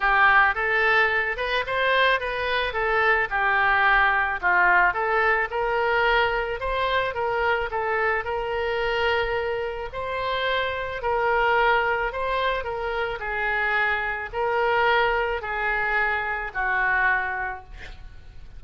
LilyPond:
\new Staff \with { instrumentName = "oboe" } { \time 4/4 \tempo 4 = 109 g'4 a'4. b'8 c''4 | b'4 a'4 g'2 | f'4 a'4 ais'2 | c''4 ais'4 a'4 ais'4~ |
ais'2 c''2 | ais'2 c''4 ais'4 | gis'2 ais'2 | gis'2 fis'2 | }